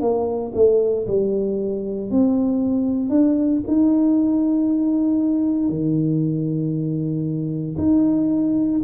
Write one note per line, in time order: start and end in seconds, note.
0.00 0.52 A#3
0.55 1.06 A3
1.07 2.10 G3
2.10 3.09 C4
3.09 3.61 D4
3.67 5.69 D#4
5.69 7.76 D#3
7.77 8.81 D#4